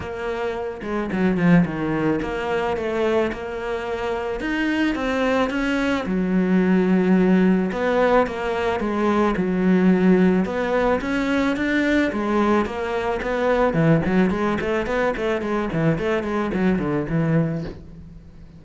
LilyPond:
\new Staff \with { instrumentName = "cello" } { \time 4/4 \tempo 4 = 109 ais4. gis8 fis8 f8 dis4 | ais4 a4 ais2 | dis'4 c'4 cis'4 fis4~ | fis2 b4 ais4 |
gis4 fis2 b4 | cis'4 d'4 gis4 ais4 | b4 e8 fis8 gis8 a8 b8 a8 | gis8 e8 a8 gis8 fis8 d8 e4 | }